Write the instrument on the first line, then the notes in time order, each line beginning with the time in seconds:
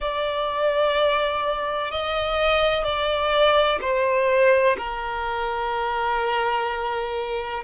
violin
0.00 D5
1.91 D#5
2.84 D5
3.81 C5
4.77 A#4